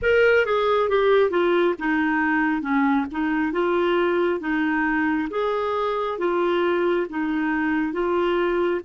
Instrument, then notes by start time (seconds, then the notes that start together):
clarinet
0.02 A#4
0.45 G#4
0.89 G4
1.30 F4
1.78 D#4
2.61 C#4
3.11 D#4
3.52 F4
4.40 D#4
5.29 G#4
6.18 F4
7.09 D#4
7.92 F4